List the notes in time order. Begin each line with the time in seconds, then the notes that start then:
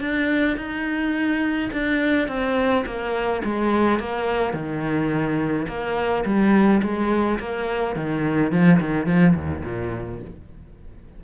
0.00 D4
0.57 D#4
1.72 D4
2.28 C4
2.85 A#3
3.44 G#3
3.99 A#3
4.53 D#3
5.68 A#3
6.24 G3
6.82 G#3
7.39 A#3
7.96 D#3
8.51 F3
8.80 D#3
9.06 F3
9.35 D#2
9.64 A#2